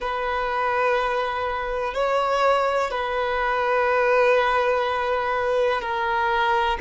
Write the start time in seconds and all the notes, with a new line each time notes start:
0.00 B4
1.94 C#5
2.90 B4
5.81 A#4